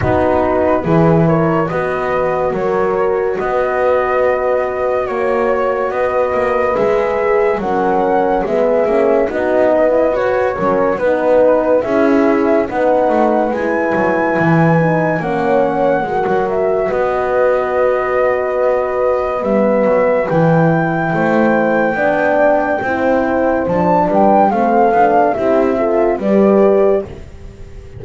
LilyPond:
<<
  \new Staff \with { instrumentName = "flute" } { \time 4/4 \tempo 4 = 71 b'4. cis''8 dis''4 cis''4 | dis''2 cis''4 dis''4 | e''4 fis''4 e''4 dis''4 | cis''4 b'4 e''4 fis''4 |
gis''2 fis''4. e''8 | dis''2. e''4 | g''1 | a''8 g''8 f''4 e''4 d''4 | }
  \new Staff \with { instrumentName = "horn" } { \time 4/4 fis'4 gis'8 ais'8 b'4 ais'4 | b'2 cis''4 b'4~ | b'4 ais'4 gis'4 fis'8 b'8~ | b'8 ais'8 b'4 gis'4 b'4~ |
b'2 cis''4 ais'4 | b'1~ | b'4 c''4 d''4 c''4~ | c''8 b'8 a'4 g'8 a'8 b'4 | }
  \new Staff \with { instrumentName = "horn" } { \time 4/4 dis'4 e'4 fis'2~ | fis'1 | gis'4 cis'4 b8 cis'8 dis'8. e'16 | fis'8 cis'8 dis'4 e'4 dis'4 |
e'4. dis'8 cis'4 fis'4~ | fis'2. b4 | e'2 d'4 e'4 | d'4 c'8 d'8 e'8 f'8 g'4 | }
  \new Staff \with { instrumentName = "double bass" } { \time 4/4 b4 e4 b4 fis4 | b2 ais4 b8 ais8 | gis4 fis4 gis8 ais8 b4 | fis'8 fis8 b4 cis'4 b8 a8 |
gis8 fis8 e4 ais4 gis16 fis8. | b2. g8 fis8 | e4 a4 b4 c'4 | f8 g8 a8 b8 c'4 g4 | }
>>